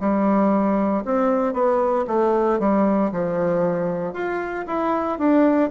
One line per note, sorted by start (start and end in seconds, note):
0.00 1.03 G3
1.04 1.53 C4
1.53 2.05 B3
2.07 2.59 A3
2.59 3.11 G3
3.11 4.13 F3
4.13 4.65 F4
4.66 5.18 E4
5.18 5.70 D4